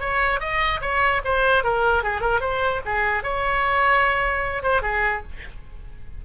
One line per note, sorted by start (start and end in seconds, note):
0.00 0.40 C#5
0.40 0.81 D#5
0.81 1.22 C#5
1.25 1.64 C5
1.64 2.04 A#4
2.04 2.21 G#4
2.21 2.41 A#4
2.41 2.81 C5
2.85 3.24 G#4
3.24 4.63 C#5
4.63 4.82 C5
4.82 5.23 G#4